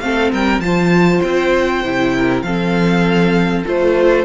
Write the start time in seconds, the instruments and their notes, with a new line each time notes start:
0.00 cello A3, viola C4, violin A4 F5
0.32 cello G3, violin A#4 G5
0.59 cello F3, viola F4, violin C5 A5
1.22 cello C4, violin G5
1.84 cello C3, viola E4
2.16 violin A#4
2.42 cello F3, viola C4, violin A4 F5
3.66 cello A3, viola F4, violin C5